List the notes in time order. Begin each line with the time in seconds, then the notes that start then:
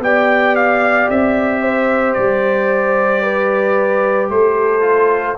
0.00 B3 G4 D5 G5
0.56 F5
1.10 C4 E5
1.62 C5
2.14 G3 D5
3.23 B4
4.29 A3 A4 C5
4.81 F4